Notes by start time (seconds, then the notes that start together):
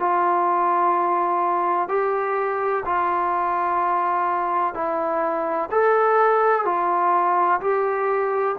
0.00 F4
1.89 G4
2.86 F4
4.74 E4
5.71 A4
6.65 F4
7.61 G4